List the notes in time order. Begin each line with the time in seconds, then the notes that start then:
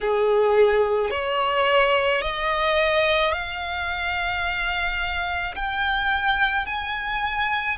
0.00 G#4
1.10 C#5
2.21 D#5
3.32 F5
5.55 G5
6.66 G#5